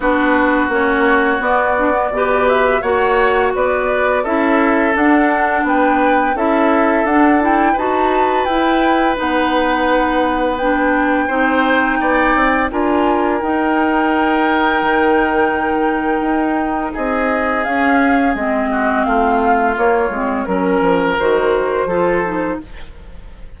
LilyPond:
<<
  \new Staff \with { instrumentName = "flute" } { \time 4/4 \tempo 4 = 85 b'4 cis''4 d''4. e''8 | fis''4 d''4 e''4 fis''4 | g''4 e''4 fis''8 g''8 a''4 | g''4 fis''2 g''4~ |
g''2 gis''4 g''4~ | g''1 | dis''4 f''4 dis''4 f''4 | cis''4 ais'4 c''2 | }
  \new Staff \with { instrumentName = "oboe" } { \time 4/4 fis'2. b'4 | cis''4 b'4 a'2 | b'4 a'2 b'4~ | b'1 |
c''4 d''4 ais'2~ | ais'1 | gis'2~ gis'8 fis'8 f'4~ | f'4 ais'2 a'4 | }
  \new Staff \with { instrumentName = "clarinet" } { \time 4/4 d'4 cis'4 b8 d'16 b16 g'4 | fis'2 e'4 d'4~ | d'4 e'4 d'8 e'8 fis'4 | e'4 dis'2 d'4 |
dis'2 f'4 dis'4~ | dis'1~ | dis'4 cis'4 c'2 | ais8 c'8 cis'4 fis'4 f'8 dis'8 | }
  \new Staff \with { instrumentName = "bassoon" } { \time 4/4 b4 ais4 b4 b,4 | ais4 b4 cis'4 d'4 | b4 cis'4 d'4 dis'4 | e'4 b2. |
c'4 b8 c'8 d'4 dis'4~ | dis'4 dis2 dis'4 | c'4 cis'4 gis4 a4 | ais8 gis8 fis8 f8 dis4 f4 | }
>>